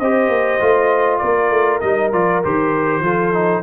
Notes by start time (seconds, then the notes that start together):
0.00 C4 G4 C5 D#5
0.29 A#3
0.61 A3 F4
1.19 A#3 A#4 D5
1.50 A3
1.81 G3 D#4 D#5
2.13 F3 F4 D5
2.43 D#3 G4 C5
3.01 F3 F4 A4
3.33 D#4